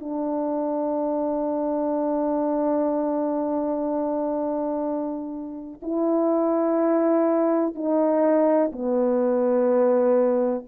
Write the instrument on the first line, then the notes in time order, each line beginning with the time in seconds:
horn
0.00 D4
5.83 E4
7.76 D#4
8.73 B3